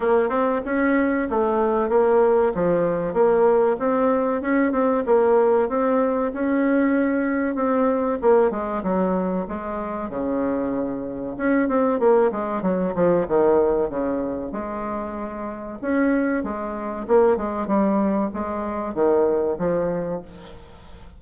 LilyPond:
\new Staff \with { instrumentName = "bassoon" } { \time 4/4 \tempo 4 = 95 ais8 c'8 cis'4 a4 ais4 | f4 ais4 c'4 cis'8 c'8 | ais4 c'4 cis'2 | c'4 ais8 gis8 fis4 gis4 |
cis2 cis'8 c'8 ais8 gis8 | fis8 f8 dis4 cis4 gis4~ | gis4 cis'4 gis4 ais8 gis8 | g4 gis4 dis4 f4 | }